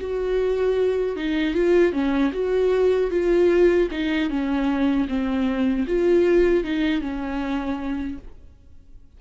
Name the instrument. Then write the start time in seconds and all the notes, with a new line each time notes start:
viola
0.00 F#4
1.16 D#4
1.54 F4
1.92 C#4
2.32 F#4
3.10 F4
3.91 D#4
4.29 C#4
5.08 C4
5.87 F4
6.63 D#4
7.01 C#4